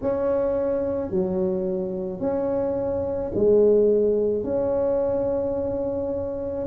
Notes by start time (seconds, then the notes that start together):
0.02 C#4
1.10 F#3
2.20 C#4
3.34 G#3
4.43 C#4